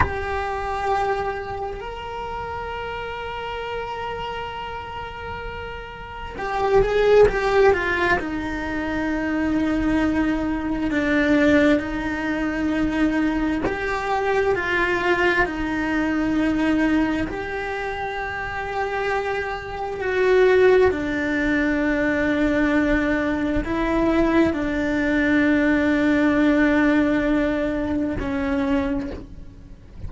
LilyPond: \new Staff \with { instrumentName = "cello" } { \time 4/4 \tempo 4 = 66 g'2 ais'2~ | ais'2. g'8 gis'8 | g'8 f'8 dis'2. | d'4 dis'2 g'4 |
f'4 dis'2 g'4~ | g'2 fis'4 d'4~ | d'2 e'4 d'4~ | d'2. cis'4 | }